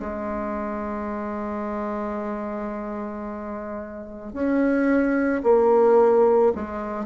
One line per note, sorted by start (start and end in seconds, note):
0.00 4.33 G#3
4.33 5.42 C#4
5.44 6.53 A#3
6.56 7.06 G#3